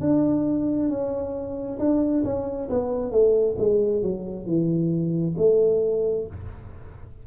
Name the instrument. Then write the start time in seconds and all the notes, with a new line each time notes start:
tuba
0.00 D4
0.89 C#4
1.79 D4
2.24 C#4
2.69 B3
3.11 A3
3.58 G#3
4.02 F#3
4.45 E3
5.37 A3